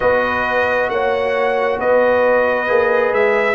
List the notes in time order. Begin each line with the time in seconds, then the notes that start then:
0.00 B3 F#4 B4 D#5
0.89 A#3 C#5 F#5
1.79 B3 B4 D#5
2.67 A#3 G#4
3.12 G#3 E5